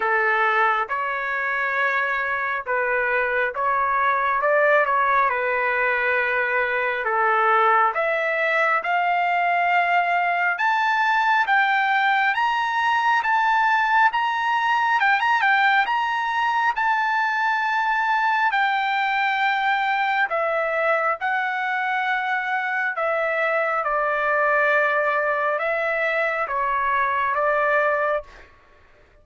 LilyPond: \new Staff \with { instrumentName = "trumpet" } { \time 4/4 \tempo 4 = 68 a'4 cis''2 b'4 | cis''4 d''8 cis''8 b'2 | a'4 e''4 f''2 | a''4 g''4 ais''4 a''4 |
ais''4 g''16 ais''16 g''8 ais''4 a''4~ | a''4 g''2 e''4 | fis''2 e''4 d''4~ | d''4 e''4 cis''4 d''4 | }